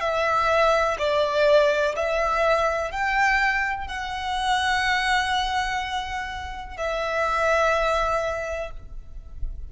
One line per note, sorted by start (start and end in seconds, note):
0.00 0.97 E5
0.99 1.95 D5
1.96 2.91 E5
2.91 3.87 G5
3.87 6.77 F#5
6.77 8.70 E5